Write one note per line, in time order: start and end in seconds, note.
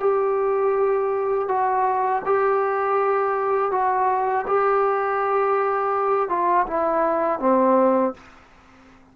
0.00 1.48 G4
1.48 2.22 F#4
2.25 3.71 G4
3.71 4.45 F#4
4.47 6.29 G4
6.29 6.66 F4
6.67 7.40 E4
7.40 8.14 C4